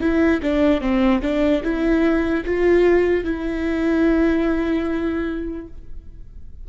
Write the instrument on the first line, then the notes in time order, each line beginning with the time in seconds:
viola
0.00 E4
0.42 D4
0.81 C4
1.22 D4
1.63 E4
2.45 F4
3.24 E4